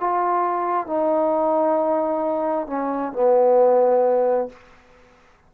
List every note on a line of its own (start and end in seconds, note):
0.00 0.87 F4
0.87 2.67 D#4
2.67 3.13 C#4
3.13 4.49 B3